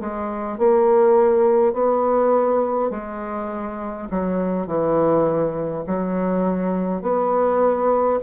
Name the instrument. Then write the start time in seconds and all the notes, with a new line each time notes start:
bassoon
0.00 G#3
0.58 A#3
1.73 B3
2.90 G#3
4.10 F#3
4.67 E3
5.87 F#3
7.02 B3